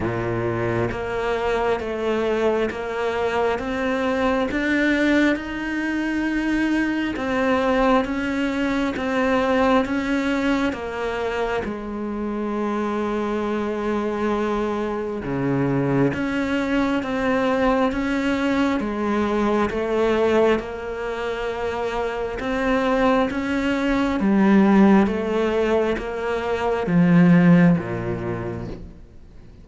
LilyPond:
\new Staff \with { instrumentName = "cello" } { \time 4/4 \tempo 4 = 67 ais,4 ais4 a4 ais4 | c'4 d'4 dis'2 | c'4 cis'4 c'4 cis'4 | ais4 gis2.~ |
gis4 cis4 cis'4 c'4 | cis'4 gis4 a4 ais4~ | ais4 c'4 cis'4 g4 | a4 ais4 f4 ais,4 | }